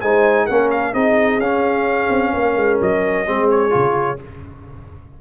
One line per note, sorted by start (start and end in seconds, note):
0.00 0.48 G#3
0.00 0.49 D#4
0.00 0.45 C5
0.00 0.46 G#5
0.45 0.94 A#3
0.45 0.93 C#4
0.45 0.92 A#4
0.45 0.69 F#5
0.70 0.94 F5
0.93 1.38 C4
0.93 1.40 D#4
0.93 2.32 G#4
0.93 1.40 D#5
1.38 2.08 C#4
1.38 3.25 C#4
1.38 2.79 F5
2.09 2.32 C4
2.33 2.56 A#3
2.33 3.28 A#4
2.56 2.79 G#3
2.81 3.27 F#3
2.81 3.49 D#5
3.25 3.74 G#3
3.25 3.69 C4
3.25 4.21 G#4
3.49 4.19 C#5
3.69 4.21 C#3
3.69 4.16 F4